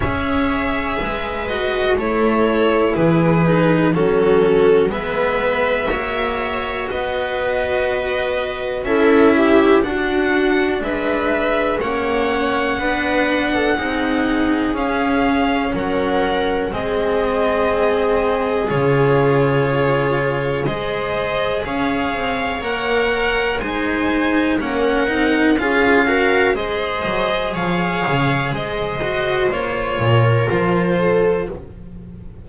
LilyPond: <<
  \new Staff \with { instrumentName = "violin" } { \time 4/4 \tempo 4 = 61 e''4. dis''8 cis''4 b'4 | a'4 e''2 dis''4~ | dis''4 e''4 fis''4 e''4 | fis''2. f''4 |
fis''4 dis''2 cis''4~ | cis''4 dis''4 f''4 fis''4 | gis''4 fis''4 f''4 dis''4 | f''4 dis''4 cis''4 c''4 | }
  \new Staff \with { instrumentName = "viola" } { \time 4/4 cis''4 b'4 a'4 gis'4 | fis'4 b'4 cis''4 b'4~ | b'4 a'8 g'8 fis'4 b'4 | cis''4 b'8. a'16 gis'2 |
ais'4 gis'2.~ | gis'4 c''4 cis''2 | c''4 ais'4 gis'8 ais'8 c''4 | cis''4 c''4. ais'4 a'8 | }
  \new Staff \with { instrumentName = "cello" } { \time 4/4 gis'4. fis'8 e'4. dis'8 | cis'4 b4 fis'2~ | fis'4 e'4 d'2 | cis'4 d'4 dis'4 cis'4~ |
cis'4 c'2 f'4~ | f'4 gis'2 ais'4 | dis'4 cis'8 dis'8 f'8 fis'8 gis'4~ | gis'4. fis'8 f'2 | }
  \new Staff \with { instrumentName = "double bass" } { \time 4/4 cis'4 gis4 a4 e4 | fis4 gis4 ais4 b4~ | b4 cis'4 d'4 gis4 | ais4 b4 c'4 cis'4 |
fis4 gis2 cis4~ | cis4 gis4 cis'8 c'8 ais4 | gis4 ais8 c'8 cis'4 gis8 fis8 | f8 cis8 gis4 ais8 ais,8 f4 | }
>>